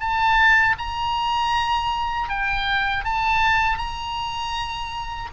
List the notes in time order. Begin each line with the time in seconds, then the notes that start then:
0.00 A5
0.78 A#5
2.29 G5
3.04 A5
3.78 A#5